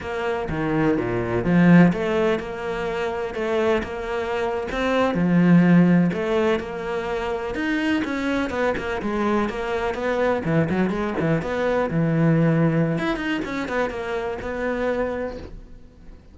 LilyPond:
\new Staff \with { instrumentName = "cello" } { \time 4/4 \tempo 4 = 125 ais4 dis4 ais,4 f4 | a4 ais2 a4 | ais4.~ ais16 c'4 f4~ f16~ | f8. a4 ais2 dis'16~ |
dis'8. cis'4 b8 ais8 gis4 ais16~ | ais8. b4 e8 fis8 gis8 e8 b16~ | b8. e2~ e16 e'8 dis'8 | cis'8 b8 ais4 b2 | }